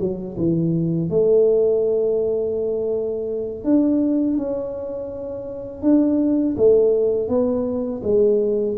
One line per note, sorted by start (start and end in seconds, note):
0.00 0.37 F#3
0.38 1.10 E3
1.10 3.64 A3
3.64 4.37 D4
4.38 5.82 C#4
5.82 6.56 D4
6.57 7.28 A3
7.28 8.02 B3
8.03 8.76 G#3